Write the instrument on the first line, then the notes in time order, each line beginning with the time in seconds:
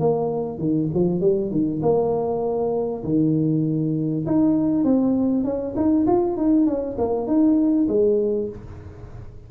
tuba
0.00 A#3
0.58 D#3
0.94 F3
1.20 G3
1.51 D#3
1.82 A#3
3.04 D#3
4.26 D#4
4.84 C4
5.44 C#4
5.76 D#4
6.07 F4
6.37 D#4
6.66 C#4
6.98 A#3
7.27 D#4
7.88 G#3